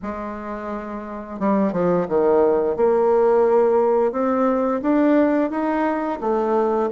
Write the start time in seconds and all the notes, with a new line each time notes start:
0.02 G#3
1.39 G3
1.72 F3
2.08 D#3
2.76 A#3
4.12 C4
4.82 D4
5.50 D#4
6.20 A3